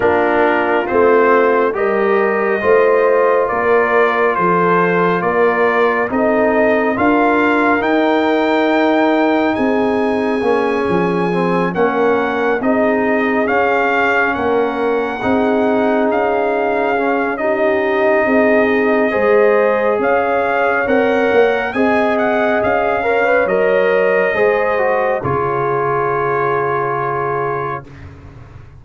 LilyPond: <<
  \new Staff \with { instrumentName = "trumpet" } { \time 4/4 \tempo 4 = 69 ais'4 c''4 dis''2 | d''4 c''4 d''4 dis''4 | f''4 g''2 gis''4~ | gis''4. fis''4 dis''4 f''8~ |
f''8 fis''2 f''4. | dis''2. f''4 | fis''4 gis''8 fis''8 f''4 dis''4~ | dis''4 cis''2. | }
  \new Staff \with { instrumentName = "horn" } { \time 4/4 f'2 ais'4 c''4 | ais'4 a'4 ais'4 a'4 | ais'2. gis'4~ | gis'4. ais'4 gis'4.~ |
gis'8 ais'4 gis'2~ gis'8 | g'4 gis'4 c''4 cis''4~ | cis''4 dis''4. cis''4. | c''4 gis'2. | }
  \new Staff \with { instrumentName = "trombone" } { \time 4/4 d'4 c'4 g'4 f'4~ | f'2. dis'4 | f'4 dis'2. | cis'4 c'8 cis'4 dis'4 cis'8~ |
cis'4. dis'2 cis'8 | dis'2 gis'2 | ais'4 gis'4. ais'16 b'16 ais'4 | gis'8 fis'8 f'2. | }
  \new Staff \with { instrumentName = "tuba" } { \time 4/4 ais4 a4 g4 a4 | ais4 f4 ais4 c'4 | d'4 dis'2 c'4 | ais8 f4 ais4 c'4 cis'8~ |
cis'8 ais4 c'4 cis'4.~ | cis'4 c'4 gis4 cis'4 | c'8 ais8 c'4 cis'4 fis4 | gis4 cis2. | }
>>